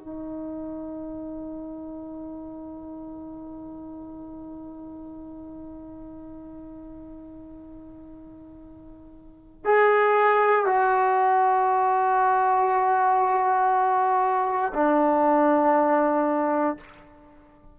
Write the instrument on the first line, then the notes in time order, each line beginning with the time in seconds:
trombone
0.00 D#4
9.65 G#4
10.66 F#4
14.74 D4